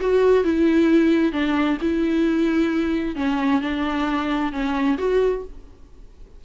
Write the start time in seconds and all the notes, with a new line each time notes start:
0.00 F#4
0.44 E4
1.32 D4
1.81 E4
3.16 C#4
3.61 D4
4.52 C#4
4.98 F#4